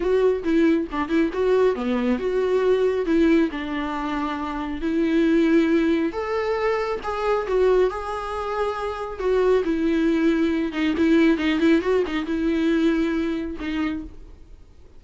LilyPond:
\new Staff \with { instrumentName = "viola" } { \time 4/4 \tempo 4 = 137 fis'4 e'4 d'8 e'8 fis'4 | b4 fis'2 e'4 | d'2. e'4~ | e'2 a'2 |
gis'4 fis'4 gis'2~ | gis'4 fis'4 e'2~ | e'8 dis'8 e'4 dis'8 e'8 fis'8 dis'8 | e'2. dis'4 | }